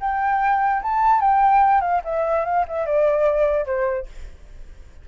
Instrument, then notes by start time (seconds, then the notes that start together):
flute
0.00 G5
0.82 A5
1.20 G5
1.81 F5
2.04 E5
2.45 F5
2.68 E5
2.86 D5
3.65 C5